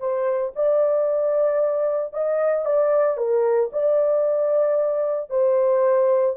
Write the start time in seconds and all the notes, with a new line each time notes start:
0.00 C5
0.56 D5
2.14 D#5
2.66 D5
3.18 A#4
3.73 D5
5.30 C5